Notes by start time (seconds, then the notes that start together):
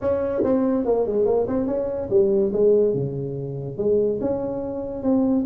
0.01 C#4
0.43 C4
0.85 A#3
1.06 G#3
1.25 A#3
1.47 C4
1.66 C#4
2.10 G3
2.53 G#3
2.94 C#3
3.77 G#3
4.20 C#4
5.03 C4